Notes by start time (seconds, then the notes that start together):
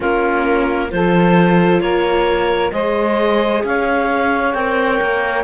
0.00 A#3 C#4 F4 A#4
0.90 F3 F4 A4 C5
1.80 A#3 A#4 C#5
2.72 G#3 G#4 C5 D#5
3.64 C#4 C#5 F5
4.53 C4 A#4 G5
5.01 A#3